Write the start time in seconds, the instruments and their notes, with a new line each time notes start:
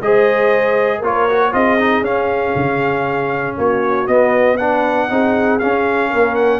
0.00 tuba G#3, trombone G#4, horn C5, trumpet D#5
0.98 tuba A#3, trombone F4, horn A#4
1.04 trumpet C#5
1.29 trombone F#4
1.52 tuba C4, trombone F4, horn G#4, trumpet D#5
1.78 trombone D#4
2.01 tuba C#4, trombone C#4, trumpet F5
2.55 tuba C#3
3.57 tuba A#3, horn F#4, trumpet C#5
4.07 trombone B3, tuba B3, trumpet D#5
4.57 trombone D4, horn B4, trumpet F#5
5.09 tuba C4, trombone D#4, horn G#4
5.59 trombone C#4, tuba C#4, trumpet F5
6.10 tuba A#3, horn A#4
6.35 trumpet F#5